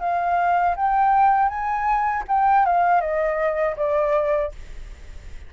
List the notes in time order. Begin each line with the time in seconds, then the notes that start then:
0.00 F5
0.76 G5
1.49 G#5
2.28 G5
2.65 F5
3.01 D#5
3.76 D5